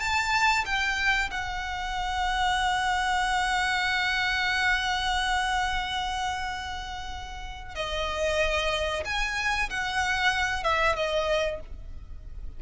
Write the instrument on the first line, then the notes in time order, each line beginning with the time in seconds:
violin
0.00 A5
0.65 G5
1.30 F#5
7.75 D#5
9.05 G#5
9.70 F#5
10.63 E5
10.96 D#5